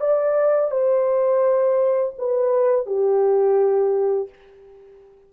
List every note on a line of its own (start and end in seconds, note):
0.00 0.71 D5
0.71 2.14 C5
2.18 2.86 B4
2.86 4.29 G4